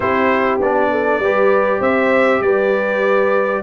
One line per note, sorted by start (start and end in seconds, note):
0.00 0.59 C4
0.00 0.60 E4
0.00 0.90 G4
0.00 0.59 C5
0.59 1.19 B3
0.59 1.23 D4
0.59 1.81 D5
0.90 1.21 A4
1.19 1.79 G3
1.19 3.63 G4
1.19 1.79 B4
1.79 2.41 C4
1.79 2.40 C5
1.79 2.42 E5
2.41 3.62 G3
2.41 3.63 B4
2.41 3.63 D5